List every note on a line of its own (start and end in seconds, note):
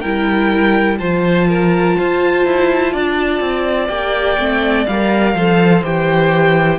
0.00 1.00 G3
0.00 0.99 E4
0.00 0.97 A#4
0.00 0.97 G5
0.98 1.96 F3
0.98 3.88 F4
0.98 1.47 C5
0.98 3.88 A5
1.48 1.96 A#4
1.97 2.45 F4
1.97 2.92 C5
2.45 2.93 E4
2.92 3.40 D4
2.92 5.34 D5
3.40 3.88 C4
3.88 4.37 A#3
3.88 4.36 G4
3.88 4.85 G5
4.38 4.86 A3
4.38 4.86 C4
4.86 5.34 G3
4.86 5.37 A#4
4.86 5.83 F5
5.34 5.83 F3
5.34 5.83 A4
5.34 6.78 C5
5.83 6.78 E3
5.83 6.78 G4
5.83 6.78 G5